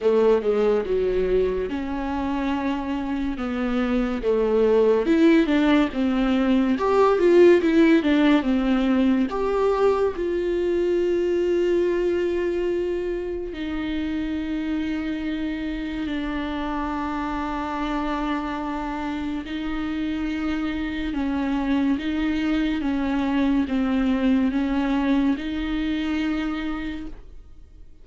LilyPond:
\new Staff \with { instrumentName = "viola" } { \time 4/4 \tempo 4 = 71 a8 gis8 fis4 cis'2 | b4 a4 e'8 d'8 c'4 | g'8 f'8 e'8 d'8 c'4 g'4 | f'1 |
dis'2. d'4~ | d'2. dis'4~ | dis'4 cis'4 dis'4 cis'4 | c'4 cis'4 dis'2 | }